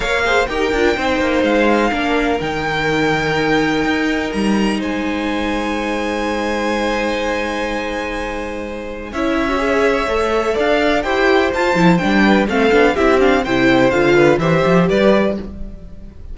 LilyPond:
<<
  \new Staff \with { instrumentName = "violin" } { \time 4/4 \tempo 4 = 125 f''4 g''2 f''4~ | f''4 g''2.~ | g''4 ais''4 gis''2~ | gis''1~ |
gis''2. e''4~ | e''2 f''4 g''4 | a''4 g''4 f''4 e''8 f''8 | g''4 f''4 e''4 d''4 | }
  \new Staff \with { instrumentName = "violin" } { \time 4/4 cis''8 c''8 ais'4 c''2 | ais'1~ | ais'2 c''2~ | c''1~ |
c''2. cis''4~ | cis''2 d''4 c''4~ | c''4. b'8 a'4 g'4 | c''4. b'8 c''4 b'4 | }
  \new Staff \with { instrumentName = "viola" } { \time 4/4 ais'8 gis'8 g'8 f'8 dis'2 | d'4 dis'2.~ | dis'1~ | dis'1~ |
dis'2. e'8. fis'16 | gis'4 a'2 g'4 | f'8 e'8 d'4 c'8 d'8 e'8 d'8 | e'4 f'4 g'2 | }
  \new Staff \with { instrumentName = "cello" } { \time 4/4 ais4 dis'8 d'8 c'8 ais8 gis4 | ais4 dis2. | dis'4 g4 gis2~ | gis1~ |
gis2. cis'4~ | cis'4 a4 d'4 e'4 | f'8 f8 g4 a8 b8 c'4 | c4 d4 e8 f8 g4 | }
>>